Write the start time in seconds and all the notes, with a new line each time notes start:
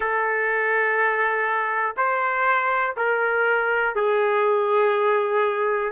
0.00 A4
1.96 C5
2.96 A#4
3.95 G#4